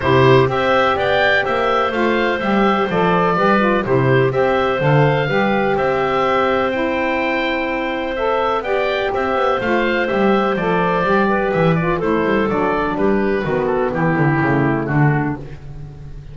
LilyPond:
<<
  \new Staff \with { instrumentName = "oboe" } { \time 4/4 \tempo 4 = 125 c''4 e''4 g''4 e''4 | f''4 e''4 d''2 | c''4 e''4 f''2 | e''2 g''2~ |
g''4 e''4 g''4 e''4 | f''4 e''4 d''2 | e''8 d''8 c''4 d''4 b'4~ | b'8 a'8 g'2 fis'4 | }
  \new Staff \with { instrumentName = "clarinet" } { \time 4/4 g'4 c''4 d''4 c''4~ | c''2. b'4 | g'4 c''2 b'4 | c''1~ |
c''2 d''4 c''4~ | c''2.~ c''8 b'8~ | b'4 a'2 g'4 | fis'4 e'2 d'4 | }
  \new Staff \with { instrumentName = "saxophone" } { \time 4/4 e'4 g'2. | f'4 g'4 a'4 g'8 f'8 | e'4 g'4 a'4 g'4~ | g'2 e'2~ |
e'4 a'4 g'2 | f'4 g'4 a'4 g'4~ | g'8 f'8 e'4 d'2 | b2 a2 | }
  \new Staff \with { instrumentName = "double bass" } { \time 4/4 c4 c'4 b4 ais4 | a4 g4 f4 g4 | c4 c'4 d4 g4 | c'1~ |
c'2 b4 c'8 b8 | a4 g4 f4 g4 | e4 a8 g8 fis4 g4 | dis4 e8 d8 cis4 d4 | }
>>